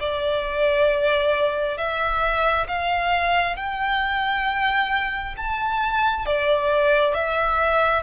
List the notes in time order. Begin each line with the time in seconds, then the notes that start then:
0.00 D5
1.77 E5
2.68 F5
3.56 G5
5.37 A5
6.26 D5
7.14 E5